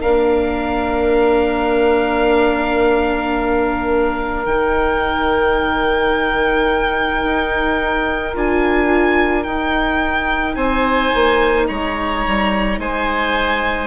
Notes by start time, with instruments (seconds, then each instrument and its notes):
0.00 bassoon A#3, viola D4, oboe A#4, violin F5
4.45 bassoon D#3, viola D#4, violin G5
7.23 bassoon D#4
8.34 bassoon D4, viola F4, violin G#5
9.43 viola D#4, bassoon D#4, violin G5
10.55 bassoon C4, oboe C5, violin G#5
11.14 bassoon A#3
11.67 bassoon G#3, oboe C#5, violin A#5
12.26 bassoon G3
12.78 bassoon G#3, oboe C5, violin G#5